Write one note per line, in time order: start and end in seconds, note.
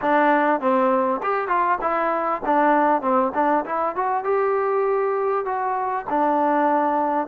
0.01 0.60 D4
0.60 1.20 C4
1.23 1.48 G4
1.48 1.78 F4
1.81 2.41 E4
2.45 3.01 D4
3.01 3.32 C4
3.34 3.64 D4
3.65 3.95 E4
3.95 4.23 F#4
4.23 5.45 G4
5.45 6.05 F#4
6.09 7.27 D4